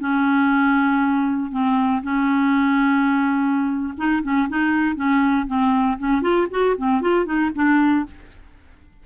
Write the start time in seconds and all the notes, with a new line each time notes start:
0.00 C#4
1.51 C4
2.03 C#4
3.97 D#4
4.23 C#4
4.49 D#4
4.96 C#4
5.47 C4
5.99 C#4
6.22 F4
6.51 F#4
6.77 C4
7.01 F4
7.25 D#4
7.55 D4